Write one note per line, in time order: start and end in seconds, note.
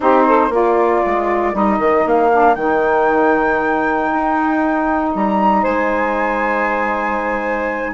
0.00 0.49 C4
0.00 0.51 D#4
0.00 0.26 G4
0.00 0.53 C5
0.26 0.51 A4
0.49 1.01 A#3
0.49 1.53 F4
0.49 5.62 A#4
0.49 1.56 D5
1.05 1.54 G#3
1.53 1.78 G3
1.53 2.29 D#4
1.53 2.07 D#5
1.78 2.04 D#3
2.05 2.56 A#3
2.05 2.55 F5
2.31 2.56 D4
2.55 4.09 D#3
2.55 7.94 D#4
2.55 5.11 G5
4.12 5.14 D#4
5.14 5.64 G3
5.14 5.63 A#5
5.62 7.94 G#3
5.62 7.92 C5
5.62 7.94 G#5